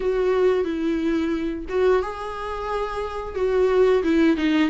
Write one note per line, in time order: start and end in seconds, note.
0.00 0.64 F#4
0.64 1.65 E4
1.68 2.02 F#4
2.02 3.35 G#4
3.35 4.02 F#4
4.03 4.36 E4
4.36 4.69 D#4